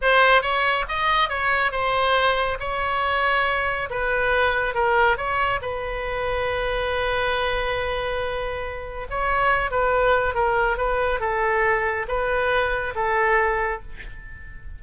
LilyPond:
\new Staff \with { instrumentName = "oboe" } { \time 4/4 \tempo 4 = 139 c''4 cis''4 dis''4 cis''4 | c''2 cis''2~ | cis''4 b'2 ais'4 | cis''4 b'2.~ |
b'1~ | b'4 cis''4. b'4. | ais'4 b'4 a'2 | b'2 a'2 | }